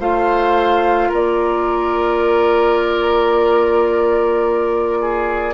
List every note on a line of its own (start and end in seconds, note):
0.00 1.11 A3
0.00 5.54 F4
0.00 1.08 C5
0.00 1.12 F5
1.08 5.54 A#3
1.08 4.97 A#4
1.08 5.54 D5
5.01 5.54 G#4